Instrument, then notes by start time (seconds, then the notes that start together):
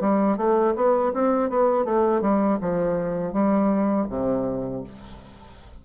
bassoon
0.00 G3
0.37 A3
0.75 B3
1.13 C4
1.49 B3
1.84 A3
2.21 G3
2.61 F3
3.33 G3
4.09 C3